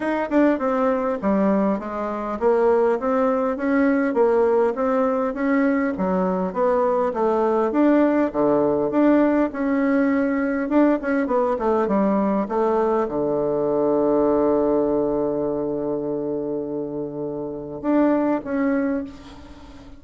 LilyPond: \new Staff \with { instrumentName = "bassoon" } { \time 4/4 \tempo 4 = 101 dis'8 d'8 c'4 g4 gis4 | ais4 c'4 cis'4 ais4 | c'4 cis'4 fis4 b4 | a4 d'4 d4 d'4 |
cis'2 d'8 cis'8 b8 a8 | g4 a4 d2~ | d1~ | d2 d'4 cis'4 | }